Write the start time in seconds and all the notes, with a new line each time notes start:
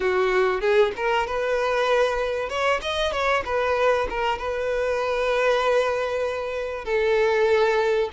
0.00 F#4
0.60 G#4
0.96 A#4
1.26 B4
2.49 C#5
2.81 D#5
3.12 C#5
3.45 B4
4.09 A#4
4.38 B4
6.84 A4